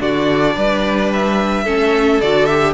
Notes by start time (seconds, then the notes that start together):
0.00 D3 D4 F#4 D5
0.56 G3 B4
1.13 E5
1.64 A3 C#4 A4
2.21 D3 F#4 D5
2.45 G4 E5